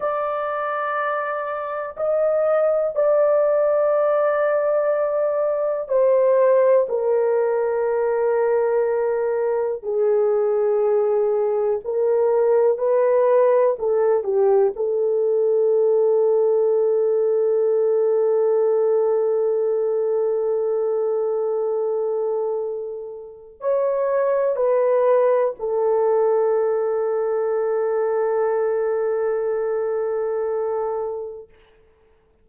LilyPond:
\new Staff \with { instrumentName = "horn" } { \time 4/4 \tempo 4 = 61 d''2 dis''4 d''4~ | d''2 c''4 ais'4~ | ais'2 gis'2 | ais'4 b'4 a'8 g'8 a'4~ |
a'1~ | a'1 | cis''4 b'4 a'2~ | a'1 | }